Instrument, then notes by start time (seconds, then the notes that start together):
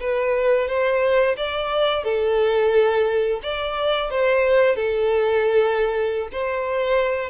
violin
0.00 B4
0.68 C5
1.37 D5
2.04 A4
3.42 D5
4.10 C5
4.76 A4
6.32 C5